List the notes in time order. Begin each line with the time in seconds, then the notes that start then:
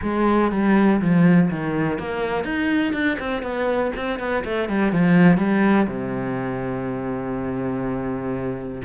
0.02 G#3
0.51 G3
1.01 F3
1.50 D#3
1.99 A#3
2.44 D#4
2.93 D4
3.19 C4
3.42 B3
3.96 C4
4.19 B3
4.44 A3
4.69 G3
4.92 F3
5.37 G3
5.87 C3